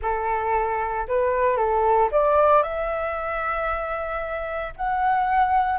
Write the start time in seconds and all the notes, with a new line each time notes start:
0.01 A4
1.08 B4
1.56 A4
2.11 D5
2.62 E5
4.76 F#5